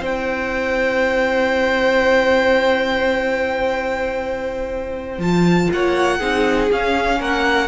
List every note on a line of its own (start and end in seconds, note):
0.00 5.19 C4
0.00 5.22 E4
0.00 5.72 C5
0.00 5.21 G5
5.19 5.68 F3
5.19 6.21 F4
5.19 5.71 A5
5.73 6.21 A#3
5.73 6.19 C#5
5.73 6.72 F#5
6.19 6.71 C4
6.19 6.70 D#4
6.19 7.18 G#4
6.72 7.69 C#4
6.72 7.21 C#4
6.72 7.22 F5
7.20 7.69 A#3
7.20 7.69 A#4
7.20 7.69 F#5